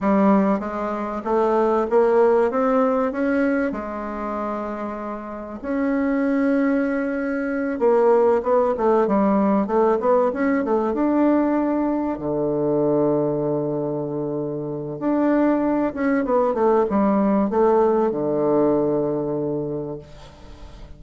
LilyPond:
\new Staff \with { instrumentName = "bassoon" } { \time 4/4 \tempo 4 = 96 g4 gis4 a4 ais4 | c'4 cis'4 gis2~ | gis4 cis'2.~ | cis'8 ais4 b8 a8 g4 a8 |
b8 cis'8 a8 d'2 d8~ | d1 | d'4. cis'8 b8 a8 g4 | a4 d2. | }